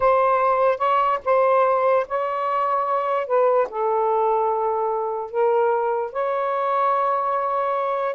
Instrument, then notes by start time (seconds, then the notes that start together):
saxophone
0.00 C5
0.78 C#5
1.24 C5
2.08 C#5
3.26 B4
3.69 A4
5.30 A#4
6.12 C#5